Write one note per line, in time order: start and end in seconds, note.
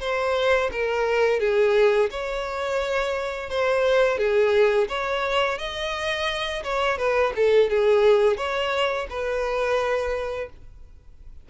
0.00 0.70 C5
0.72 1.40 A#4
1.40 2.10 G#4
2.11 3.50 C#5
3.50 4.18 C5
4.18 4.87 G#4
4.88 5.58 C#5
5.58 6.63 D#5
6.63 6.98 C#5
6.98 7.33 B4
7.36 7.70 A4
7.70 8.37 G#4
8.37 9.07 C#5
9.10 10.49 B4